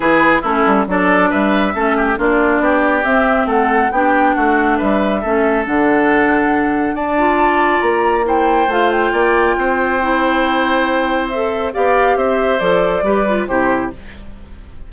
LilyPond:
<<
  \new Staff \with { instrumentName = "flute" } { \time 4/4 \tempo 4 = 138 b'4 a'4 d''4 e''4~ | e''4 d''2 e''4 | fis''4 g''4 fis''4 e''4~ | e''4 fis''2. |
a''2 ais''4 g''4 | f''8 g''2.~ g''8~ | g''2 e''4 f''4 | e''4 d''2 c''4 | }
  \new Staff \with { instrumentName = "oboe" } { \time 4/4 gis'4 e'4 a'4 b'4 | a'8 g'8 f'4 g'2 | a'4 g'4 fis'4 b'4 | a'1 |
d''2. c''4~ | c''4 d''4 c''2~ | c''2. d''4 | c''2 b'4 g'4 | }
  \new Staff \with { instrumentName = "clarinet" } { \time 4/4 e'4 cis'4 d'2 | cis'4 d'2 c'4~ | c'4 d'2. | cis'4 d'2.~ |
d'8 f'2~ f'8 e'4 | f'2. e'4~ | e'2 a'4 g'4~ | g'4 a'4 g'8 f'8 e'4 | }
  \new Staff \with { instrumentName = "bassoon" } { \time 4/4 e4 a8 g8 fis4 g4 | a4 ais4 b4 c'4 | a4 b4 a4 g4 | a4 d2. |
d'2 ais2 | a4 ais4 c'2~ | c'2. b4 | c'4 f4 g4 c4 | }
>>